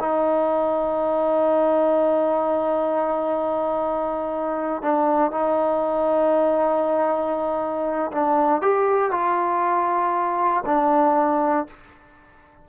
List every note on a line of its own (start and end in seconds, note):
0.00 4.83 D#4
4.83 5.32 D4
5.32 8.11 D#4
8.12 8.62 D4
8.62 9.12 G4
9.12 10.64 F4
10.66 11.68 D4